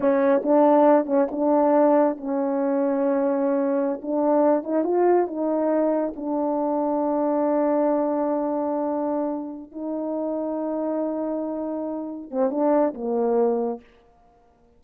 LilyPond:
\new Staff \with { instrumentName = "horn" } { \time 4/4 \tempo 4 = 139 cis'4 d'4. cis'8 d'4~ | d'4 cis'2.~ | cis'4~ cis'16 d'4. dis'8 f'8.~ | f'16 dis'2 d'4.~ d'16~ |
d'1~ | d'2~ d'8 dis'4.~ | dis'1~ | dis'8 c'8 d'4 ais2 | }